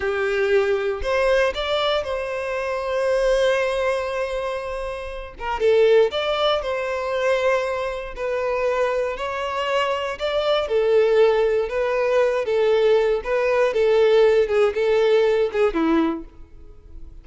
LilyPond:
\new Staff \with { instrumentName = "violin" } { \time 4/4 \tempo 4 = 118 g'2 c''4 d''4 | c''1~ | c''2~ c''8 ais'8 a'4 | d''4 c''2. |
b'2 cis''2 | d''4 a'2 b'4~ | b'8 a'4. b'4 a'4~ | a'8 gis'8 a'4. gis'8 e'4 | }